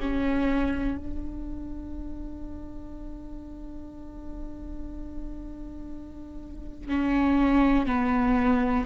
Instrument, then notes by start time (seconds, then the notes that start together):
viola
0.00 C#4
0.98 D4
6.89 C#4
7.86 B3